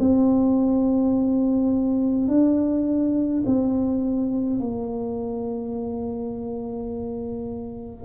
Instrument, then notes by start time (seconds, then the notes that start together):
tuba
0.00 C4
2.29 D4
3.46 C4
4.60 A#3